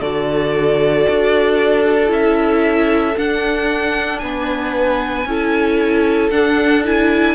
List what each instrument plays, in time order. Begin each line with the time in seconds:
0.00 cello D3, viola F#4, violin A4 D5
1.09 cello D4
2.08 cello C#4, viola E4, violin E5
3.16 viola D4, cello D4, violin F#5
4.19 cello B3, violin B4 G#5
5.25 cello C#4, viola E4, violin A4
6.31 cello D4, viola D4, violin F#5
6.84 viola E4, violin G#5